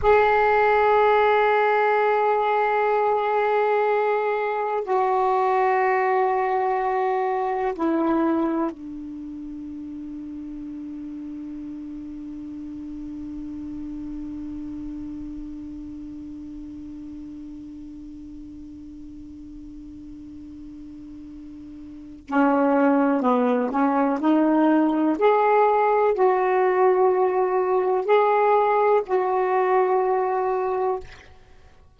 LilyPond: \new Staff \with { instrumentName = "saxophone" } { \time 4/4 \tempo 4 = 62 gis'1~ | gis'4 fis'2. | e'4 d'2.~ | d'1~ |
d'1~ | d'2. cis'4 | b8 cis'8 dis'4 gis'4 fis'4~ | fis'4 gis'4 fis'2 | }